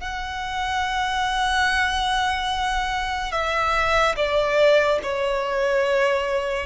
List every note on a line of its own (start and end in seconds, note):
0.00 3.31 F#5
3.31 4.15 E5
4.16 4.99 D5
5.02 6.66 C#5